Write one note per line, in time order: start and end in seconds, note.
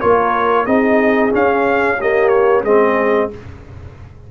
0.00 0.66 A#3
0.00 0.66 F4
0.00 0.65 A#4
0.00 0.66 C#5
0.65 1.32 C4
0.65 1.31 D#4
0.65 1.97 G#4
0.65 1.31 D#5
1.31 1.97 C#4
1.31 2.63 C#4
1.31 2.01 F5
1.98 2.65 A#3
1.98 2.63 G4
1.98 2.28 D#5
2.28 2.61 C#5
2.63 3.29 G#3
2.63 3.31 C4
2.63 3.29 G#4
2.63 3.30 D#5